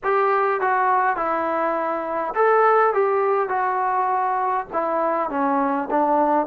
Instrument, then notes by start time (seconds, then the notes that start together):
trombone
0.03 G4
0.60 F#4
1.16 E4
2.35 A4
2.94 G4
3.49 F#4
4.72 E4
5.29 C#4
5.90 D4